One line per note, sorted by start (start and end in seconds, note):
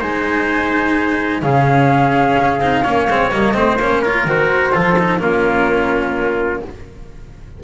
0.00 1.42 G#3
0.00 1.42 D#4
0.00 1.42 C5
0.00 1.42 G#5
1.42 2.36 C#3
1.42 2.60 C#4
1.42 2.82 G#4
1.42 3.30 F5
2.39 2.59 C#4
2.59 2.83 C4
2.59 2.84 D#4
2.82 3.08 A#3
2.82 3.08 C#4
2.82 3.53 C#5
3.08 3.32 G#3
3.08 3.31 C4
3.30 3.54 G3
3.30 3.53 A#3
3.30 3.78 D#5
3.53 3.77 A3
3.53 3.77 C4
3.53 4.01 C5
3.77 4.24 A#3
3.77 4.05 C#4
3.77 4.27 C#5
4.01 4.27 F4
4.01 4.72 A#4
4.24 4.71 D#3
4.24 4.72 F#4
4.24 5.20 C5
4.72 5.20 F3
4.72 4.96 F4
4.72 5.21 A4
4.98 5.19 D#4
5.19 6.62 A#3
5.19 6.60 C#4
5.19 6.63 F4
5.19 6.62 A#4